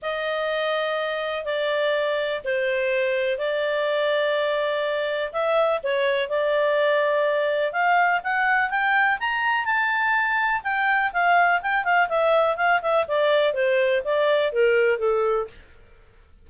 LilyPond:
\new Staff \with { instrumentName = "clarinet" } { \time 4/4 \tempo 4 = 124 dis''2. d''4~ | d''4 c''2 d''4~ | d''2. e''4 | cis''4 d''2. |
f''4 fis''4 g''4 ais''4 | a''2 g''4 f''4 | g''8 f''8 e''4 f''8 e''8 d''4 | c''4 d''4 ais'4 a'4 | }